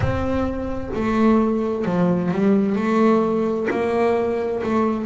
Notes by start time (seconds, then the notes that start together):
0.00 C4
0.94 A3
1.85 F3
2.31 G3
2.75 A3
3.70 A#3
4.63 A3